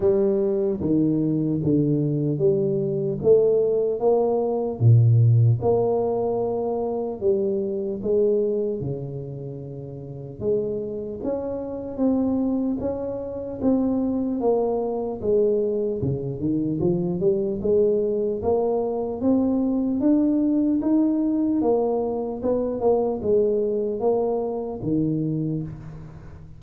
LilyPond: \new Staff \with { instrumentName = "tuba" } { \time 4/4 \tempo 4 = 75 g4 dis4 d4 g4 | a4 ais4 ais,4 ais4~ | ais4 g4 gis4 cis4~ | cis4 gis4 cis'4 c'4 |
cis'4 c'4 ais4 gis4 | cis8 dis8 f8 g8 gis4 ais4 | c'4 d'4 dis'4 ais4 | b8 ais8 gis4 ais4 dis4 | }